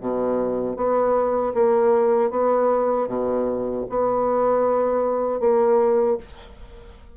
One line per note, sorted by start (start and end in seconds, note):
0.00 0.76 B2
0.76 1.53 B3
1.54 2.30 A#3
2.30 3.07 B3
3.07 3.84 B2
3.89 5.40 B3
5.40 6.17 A#3